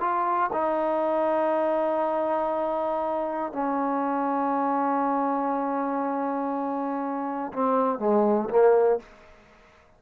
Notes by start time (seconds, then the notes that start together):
0.00 F4
0.53 D#4
3.52 C#4
7.52 C4
7.99 G#3
8.49 A#3